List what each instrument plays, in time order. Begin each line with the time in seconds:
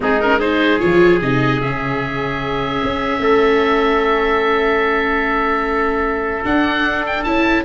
0.00 tuba G#3, viola C4, trumpet D#4, oboe G#4
0.20 viola C#4, oboe A#4
0.38 viola D#4, trumpet G#4, oboe C5
0.79 tuba F3, viola F4, oboe C#5
1.21 tuba C3, viola D#4, oboe D#5
1.61 tuba C#3, viola C#4, oboe E5
2.84 tuba C#4
3.19 tuba A3, trumpet A4
6.44 viola D4, tuba D4, oboe F#5
7.06 oboe G5
7.23 tuba C#4, viola E4, oboe A5